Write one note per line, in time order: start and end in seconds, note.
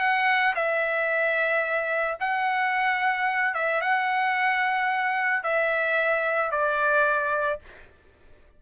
0.00 0.54 F#5
0.56 2.18 E5
2.20 3.55 F#5
3.55 3.81 E5
3.81 5.43 F#5
5.43 6.51 E5
6.51 7.59 D5